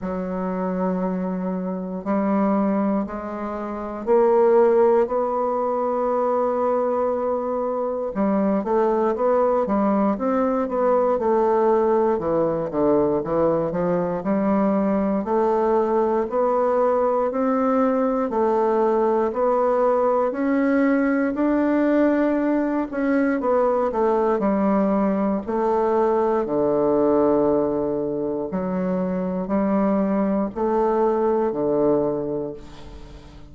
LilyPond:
\new Staff \with { instrumentName = "bassoon" } { \time 4/4 \tempo 4 = 59 fis2 g4 gis4 | ais4 b2. | g8 a8 b8 g8 c'8 b8 a4 | e8 d8 e8 f8 g4 a4 |
b4 c'4 a4 b4 | cis'4 d'4. cis'8 b8 a8 | g4 a4 d2 | fis4 g4 a4 d4 | }